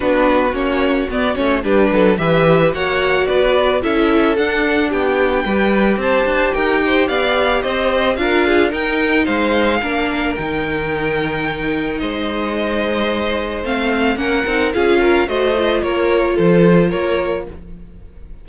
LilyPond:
<<
  \new Staff \with { instrumentName = "violin" } { \time 4/4 \tempo 4 = 110 b'4 cis''4 d''8 cis''8 b'4 | e''4 fis''4 d''4 e''4 | fis''4 g''2 a''4 | g''4 f''4 dis''4 f''4 |
g''4 f''2 g''4~ | g''2 dis''2~ | dis''4 f''4 fis''4 f''4 | dis''4 cis''4 c''4 cis''4 | }
  \new Staff \with { instrumentName = "violin" } { \time 4/4 fis'2. g'8 a'8 | b'4 cis''4 b'4 a'4~ | a'4 g'4 b'4 c''4 | ais'8 c''8 d''4 c''4 ais'8 gis'8 |
ais'4 c''4 ais'2~ | ais'2 c''2~ | c''2 ais'4 gis'8 ais'8 | c''4 ais'4 a'4 ais'4 | }
  \new Staff \with { instrumentName = "viola" } { \time 4/4 d'4 cis'4 b8 cis'8 d'4 | g'4 fis'2 e'4 | d'2 g'2~ | g'2. f'4 |
dis'2 d'4 dis'4~ | dis'1~ | dis'4 c'4 cis'8 dis'8 f'4 | fis'8 f'2.~ f'8 | }
  \new Staff \with { instrumentName = "cello" } { \time 4/4 b4 ais4 b8 a8 g8 fis8 | e4 ais4 b4 cis'4 | d'4 b4 g4 c'8 d'8 | dis'4 b4 c'4 d'4 |
dis'4 gis4 ais4 dis4~ | dis2 gis2~ | gis4 a4 ais8 c'8 cis'4 | a4 ais4 f4 ais4 | }
>>